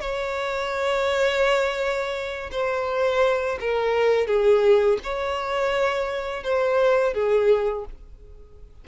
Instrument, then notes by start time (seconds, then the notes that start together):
violin
0.00 C#5
2.51 C5
3.60 A#4
4.27 G#4
5.03 C#5
6.43 C5
7.13 G#4